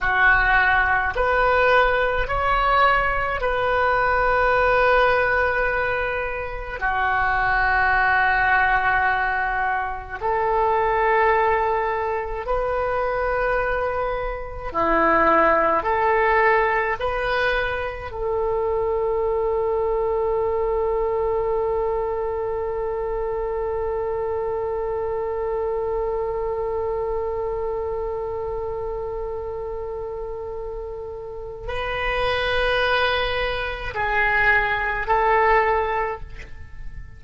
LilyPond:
\new Staff \with { instrumentName = "oboe" } { \time 4/4 \tempo 4 = 53 fis'4 b'4 cis''4 b'4~ | b'2 fis'2~ | fis'4 a'2 b'4~ | b'4 e'4 a'4 b'4 |
a'1~ | a'1~ | a'1 | b'2 gis'4 a'4 | }